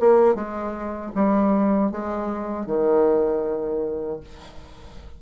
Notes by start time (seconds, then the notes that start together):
0.00 A#3
0.35 G#3
1.15 G3
1.92 G#3
2.67 D#3